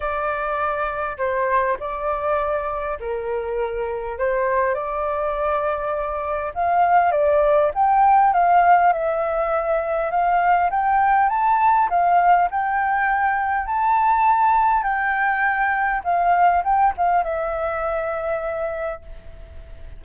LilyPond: \new Staff \with { instrumentName = "flute" } { \time 4/4 \tempo 4 = 101 d''2 c''4 d''4~ | d''4 ais'2 c''4 | d''2. f''4 | d''4 g''4 f''4 e''4~ |
e''4 f''4 g''4 a''4 | f''4 g''2 a''4~ | a''4 g''2 f''4 | g''8 f''8 e''2. | }